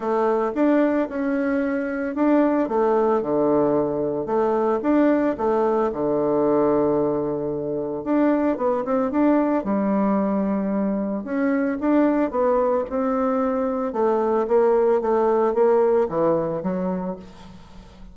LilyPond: \new Staff \with { instrumentName = "bassoon" } { \time 4/4 \tempo 4 = 112 a4 d'4 cis'2 | d'4 a4 d2 | a4 d'4 a4 d4~ | d2. d'4 |
b8 c'8 d'4 g2~ | g4 cis'4 d'4 b4 | c'2 a4 ais4 | a4 ais4 e4 fis4 | }